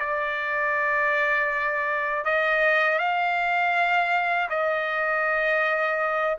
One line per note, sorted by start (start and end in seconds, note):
0.00 2.25 D5
2.25 2.99 D#5
2.99 4.49 F5
4.50 6.37 D#5